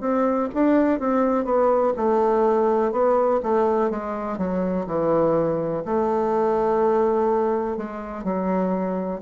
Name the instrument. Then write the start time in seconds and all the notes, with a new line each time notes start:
bassoon
0.00 C4
0.54 D4
0.99 C4
1.45 B3
1.97 A3
2.92 B3
3.43 A3
3.90 G#3
4.38 F#3
4.87 E3
5.85 A3
7.77 G#3
8.24 F#3